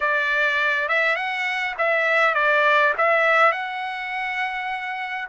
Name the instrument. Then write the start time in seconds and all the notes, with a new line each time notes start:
trumpet
0.00 D5
0.88 E5
1.16 F#5
1.78 E5
2.34 D5
2.97 E5
3.52 F#5